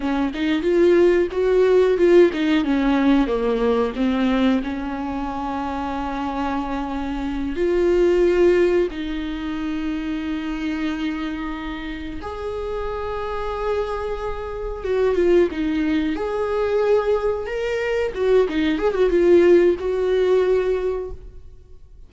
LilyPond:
\new Staff \with { instrumentName = "viola" } { \time 4/4 \tempo 4 = 91 cis'8 dis'8 f'4 fis'4 f'8 dis'8 | cis'4 ais4 c'4 cis'4~ | cis'2.~ cis'8 f'8~ | f'4. dis'2~ dis'8~ |
dis'2~ dis'8 gis'4.~ | gis'2~ gis'8 fis'8 f'8 dis'8~ | dis'8 gis'2 ais'4 fis'8 | dis'8 gis'16 fis'16 f'4 fis'2 | }